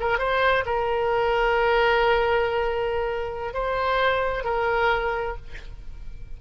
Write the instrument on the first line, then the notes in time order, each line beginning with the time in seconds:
oboe
0.00 A#4
0.18 C5
0.65 A#4
3.53 C5
4.44 A#4